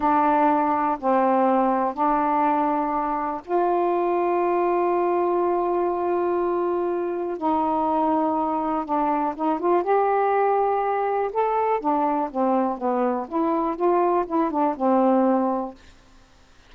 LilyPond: \new Staff \with { instrumentName = "saxophone" } { \time 4/4 \tempo 4 = 122 d'2 c'2 | d'2. f'4~ | f'1~ | f'2. dis'4~ |
dis'2 d'4 dis'8 f'8 | g'2. a'4 | d'4 c'4 b4 e'4 | f'4 e'8 d'8 c'2 | }